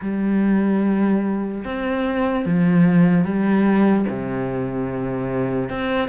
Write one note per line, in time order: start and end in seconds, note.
0.01 1.64 G3
1.64 2.45 C4
2.45 3.24 F3
3.24 4.05 G3
4.09 5.69 C3
5.69 6.08 C4